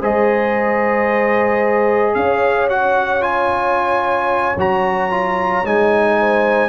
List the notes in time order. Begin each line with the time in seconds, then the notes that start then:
0.00 G#3 G#4 C5 D#5
2.14 C#4 C#5 F5
2.69 F#4 F#5
3.21 F4 G#5
4.57 F#3 F#4 A#5
5.10 F4
5.64 G#3 D#4 G#5
6.19 C5